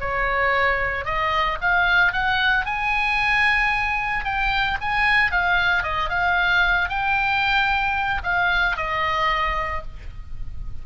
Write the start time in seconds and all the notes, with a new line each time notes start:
0.00 C#5
1.05 D#5
1.61 F5
2.12 F#5
2.65 G#5
4.24 G5
4.81 G#5
5.31 F5
5.83 D#5
6.09 F5
6.89 G5
8.23 F5
8.76 D#5